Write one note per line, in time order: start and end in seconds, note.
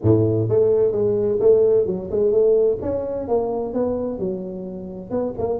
0.02 0.48 A2
0.48 0.92 A3
0.92 1.38 G#3
1.40 1.86 A3
1.86 2.09 F#3
2.11 2.31 G#3
2.31 2.78 A3
2.81 3.28 C#4
3.28 3.73 A#3
3.73 4.18 B3
4.18 5.10 F#3
5.10 5.33 B3
5.38 5.59 A#3